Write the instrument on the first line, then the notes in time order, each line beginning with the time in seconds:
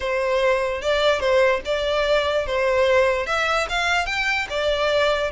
violin
0.00 C5
0.81 D5
1.20 C5
1.65 D5
2.46 C5
3.26 E5
3.69 F5
4.06 G5
4.49 D5